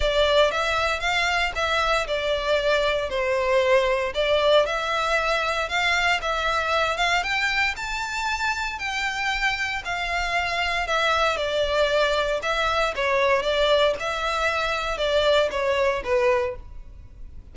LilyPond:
\new Staff \with { instrumentName = "violin" } { \time 4/4 \tempo 4 = 116 d''4 e''4 f''4 e''4 | d''2 c''2 | d''4 e''2 f''4 | e''4. f''8 g''4 a''4~ |
a''4 g''2 f''4~ | f''4 e''4 d''2 | e''4 cis''4 d''4 e''4~ | e''4 d''4 cis''4 b'4 | }